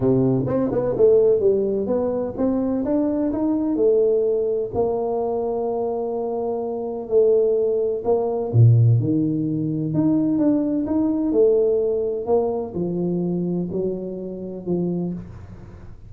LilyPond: \new Staff \with { instrumentName = "tuba" } { \time 4/4 \tempo 4 = 127 c4 c'8 b8 a4 g4 | b4 c'4 d'4 dis'4 | a2 ais2~ | ais2. a4~ |
a4 ais4 ais,4 dis4~ | dis4 dis'4 d'4 dis'4 | a2 ais4 f4~ | f4 fis2 f4 | }